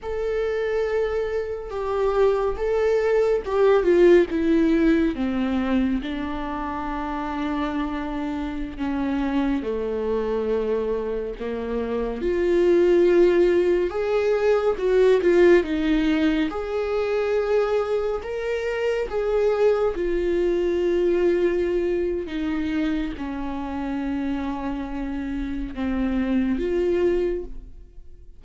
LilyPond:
\new Staff \with { instrumentName = "viola" } { \time 4/4 \tempo 4 = 70 a'2 g'4 a'4 | g'8 f'8 e'4 c'4 d'4~ | d'2~ d'16 cis'4 a8.~ | a4~ a16 ais4 f'4.~ f'16~ |
f'16 gis'4 fis'8 f'8 dis'4 gis'8.~ | gis'4~ gis'16 ais'4 gis'4 f'8.~ | f'2 dis'4 cis'4~ | cis'2 c'4 f'4 | }